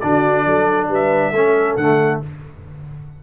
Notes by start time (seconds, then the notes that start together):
0.00 D3 D4 F#4 D5
0.45 F#3 A4
0.89 G3 B4 E5
1.31 A3 C#4 A4
1.76 D3 A3 F#5